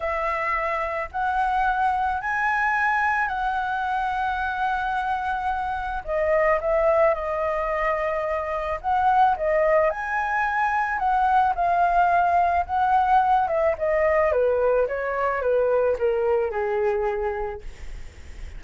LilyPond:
\new Staff \with { instrumentName = "flute" } { \time 4/4 \tempo 4 = 109 e''2 fis''2 | gis''2 fis''2~ | fis''2. dis''4 | e''4 dis''2. |
fis''4 dis''4 gis''2 | fis''4 f''2 fis''4~ | fis''8 e''8 dis''4 b'4 cis''4 | b'4 ais'4 gis'2 | }